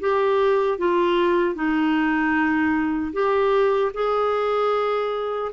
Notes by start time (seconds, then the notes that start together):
0.00 G4
0.78 F4
1.55 D#4
3.13 G4
3.94 G#4